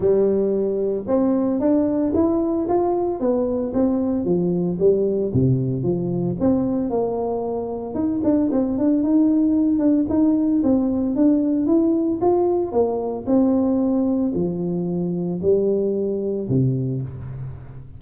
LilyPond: \new Staff \with { instrumentName = "tuba" } { \time 4/4 \tempo 4 = 113 g2 c'4 d'4 | e'4 f'4 b4 c'4 | f4 g4 c4 f4 | c'4 ais2 dis'8 d'8 |
c'8 d'8 dis'4. d'8 dis'4 | c'4 d'4 e'4 f'4 | ais4 c'2 f4~ | f4 g2 c4 | }